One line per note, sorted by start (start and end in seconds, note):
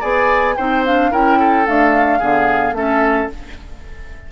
0.00 0.57 B3
0.00 0.55 G#4
0.00 0.55 D5
0.00 0.56 G#5
0.56 1.12 C4
0.56 0.85 D#4
0.56 1.11 C5
0.56 0.83 G5
0.85 1.11 D4
0.85 1.12 F5
1.11 1.66 C#4
1.11 1.65 E4
1.11 1.38 A#4
1.11 1.66 G5
1.39 2.19 A4
1.65 2.20 A3
1.65 2.21 D4
1.65 2.75 F5
2.19 2.72 D3
2.19 2.74 B3
2.19 2.73 G#4
2.72 3.26 A3
2.72 3.29 C#4
2.72 3.31 A4
2.72 3.30 E5